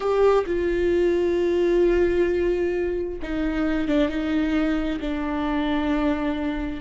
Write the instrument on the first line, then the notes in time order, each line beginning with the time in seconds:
viola
0.00 G4
0.46 F4
3.22 D#4
3.88 D4
4.08 D#4
5.00 D4